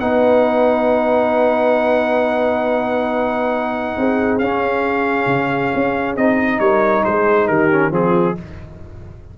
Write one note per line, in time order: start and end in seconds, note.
0.00 3.97 B3
0.00 4.42 D#4
0.00 3.98 B4
0.00 4.39 F#5
3.98 4.40 C4
3.98 6.61 G#4
4.39 5.27 C#4
4.39 6.18 C#4
4.39 6.16 F5
5.27 5.71 C#3
5.75 6.17 C#4
6.17 6.60 C4
6.17 7.71 D#4
6.17 6.60 D#5
6.60 7.04 G3
6.60 7.05 A#4
6.60 7.04 C#5
7.04 7.49 G#3
7.04 7.49 G#4
7.04 7.48 C5
7.48 7.91 D#3
7.48 7.93 G4
7.48 7.92 A#4
7.71 7.91 C#4
7.91 8.35 F3
7.91 8.35 C4
7.91 8.37 F4
7.91 8.38 G#4